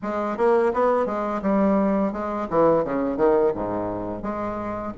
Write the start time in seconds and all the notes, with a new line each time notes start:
0.02 G#3
0.37 A#3
0.73 B3
1.06 G#3
1.42 G3
2.12 G#3
2.49 E3
2.84 C#3
3.16 D#3
3.55 G#2
4.22 G#3